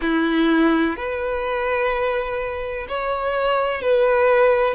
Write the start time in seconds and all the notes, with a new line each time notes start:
0.01 E4
0.96 B4
2.88 C#5
3.81 B4